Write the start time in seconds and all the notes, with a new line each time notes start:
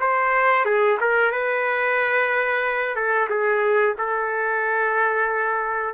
0.00 C5
0.65 G#4
1.00 A#4
1.32 B4
2.96 A4
3.30 G#4
3.98 A4